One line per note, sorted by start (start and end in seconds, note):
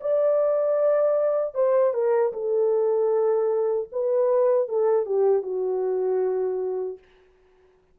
0.00 1.54 D5
1.54 1.93 C5
1.93 2.32 A#4
2.32 3.88 A4
3.92 4.68 B4
4.68 5.05 A4
5.05 5.42 G4
5.42 6.98 F#4